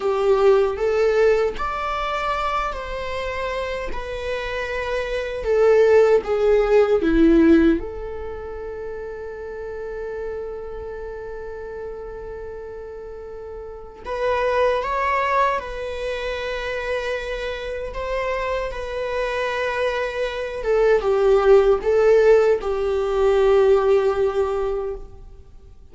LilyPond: \new Staff \with { instrumentName = "viola" } { \time 4/4 \tempo 4 = 77 g'4 a'4 d''4. c''8~ | c''4 b'2 a'4 | gis'4 e'4 a'2~ | a'1~ |
a'2 b'4 cis''4 | b'2. c''4 | b'2~ b'8 a'8 g'4 | a'4 g'2. | }